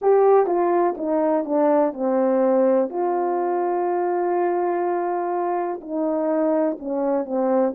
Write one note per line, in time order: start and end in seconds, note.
0.01 0.46 G4
0.46 0.95 F4
0.97 1.45 D#4
1.45 1.93 D4
1.93 2.89 C4
2.89 5.79 F4
5.80 6.77 D#4
6.79 7.25 C#4
7.25 7.73 C4